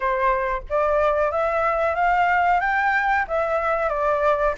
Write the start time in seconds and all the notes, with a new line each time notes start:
0.00 C5
0.69 D5
1.31 E5
1.95 F5
2.60 G5
3.27 E5
3.89 D5